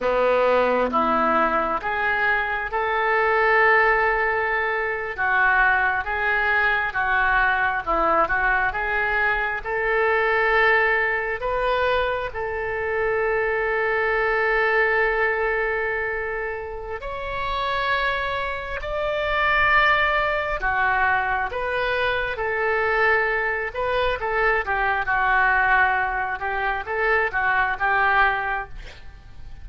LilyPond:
\new Staff \with { instrumentName = "oboe" } { \time 4/4 \tempo 4 = 67 b4 e'4 gis'4 a'4~ | a'4.~ a'16 fis'4 gis'4 fis'16~ | fis'8. e'8 fis'8 gis'4 a'4~ a'16~ | a'8. b'4 a'2~ a'16~ |
a'2. cis''4~ | cis''4 d''2 fis'4 | b'4 a'4. b'8 a'8 g'8 | fis'4. g'8 a'8 fis'8 g'4 | }